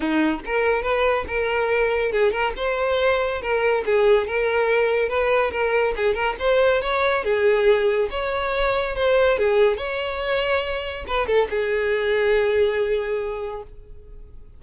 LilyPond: \new Staff \with { instrumentName = "violin" } { \time 4/4 \tempo 4 = 141 dis'4 ais'4 b'4 ais'4~ | ais'4 gis'8 ais'8 c''2 | ais'4 gis'4 ais'2 | b'4 ais'4 gis'8 ais'8 c''4 |
cis''4 gis'2 cis''4~ | cis''4 c''4 gis'4 cis''4~ | cis''2 b'8 a'8 gis'4~ | gis'1 | }